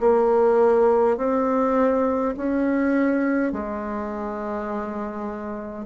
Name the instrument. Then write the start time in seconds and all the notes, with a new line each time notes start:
bassoon
0.00 A#3
1.17 C4
2.36 C#4
3.52 G#3